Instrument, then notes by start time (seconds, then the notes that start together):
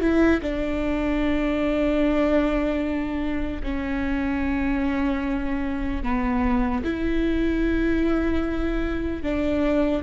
viola
0.00 E4
0.41 D4
3.63 C#4
6.03 B3
6.83 E4
9.23 D4